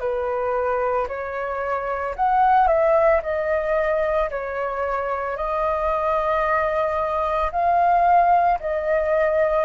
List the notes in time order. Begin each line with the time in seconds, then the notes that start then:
0.00 B4
1.08 C#5
2.16 F#5
2.68 E5
3.23 D#5
4.30 C#5
5.37 D#5
7.52 F5
8.60 D#5